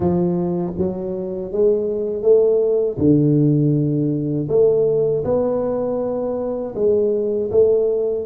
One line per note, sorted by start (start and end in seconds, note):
0.00 0.73 F3
0.77 1.52 F#3
1.52 2.22 G#3
2.22 2.97 A3
2.98 4.48 D3
4.49 5.24 A3
5.24 6.74 B3
6.75 7.50 G#3
7.51 8.25 A3